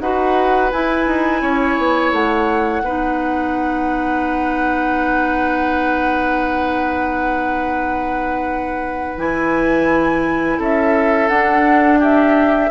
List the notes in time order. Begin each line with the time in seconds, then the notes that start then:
0.00 D#4 F#4 B4 F#5
0.72 E4 G#5
1.07 D#4
1.41 C#4 C#5
1.77 B3
2.12 A3 F#5
2.82 B3 D#4 B4
9.17 E3 E4 G#5
10.59 C#4 A4 E5
11.28 D4 F#5
11.99 G4 E5